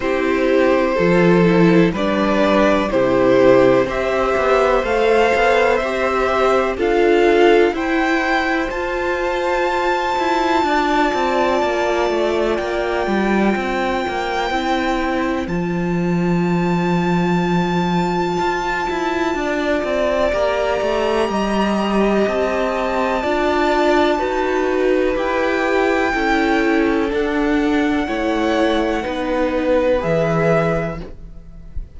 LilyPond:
<<
  \new Staff \with { instrumentName = "violin" } { \time 4/4 \tempo 4 = 62 c''2 d''4 c''4 | e''4 f''4 e''4 f''4 | g''4 a''2.~ | a''4 g''2. |
a''1~ | a''4 ais''2 a''4~ | a''2 g''2 | fis''2. e''4 | }
  \new Staff \with { instrumentName = "violin" } { \time 4/4 g'4 a'4 b'4 g'4 | c''2. a'4 | c''2. d''4~ | d''2 c''2~ |
c''1 | d''2 dis''2 | d''4 b'2 a'4~ | a'4 cis''4 b'2 | }
  \new Staff \with { instrumentName = "viola" } { \time 4/4 e'4 f'8 e'8 d'4 e'4 | g'4 a'4 g'4 f'4 | e'4 f'2.~ | f'2. e'4 |
f'1~ | f'4 g'2. | f'4 fis'4 g'4 e'4 | d'4 e'4 dis'4 gis'4 | }
  \new Staff \with { instrumentName = "cello" } { \time 4/4 c'4 f4 g4 c4 | c'8 b8 a8 b8 c'4 d'4 | e'4 f'4. e'8 d'8 c'8 | ais8 a8 ais8 g8 c'8 ais8 c'4 |
f2. f'8 e'8 | d'8 c'8 ais8 a8 g4 c'4 | d'4 dis'4 e'4 cis'4 | d'4 a4 b4 e4 | }
>>